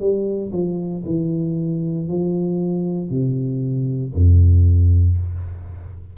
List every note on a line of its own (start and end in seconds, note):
0.00 0.52 G3
0.52 1.04 F3
1.05 2.08 E3
2.08 3.10 F3
3.10 4.13 C3
4.14 5.17 F2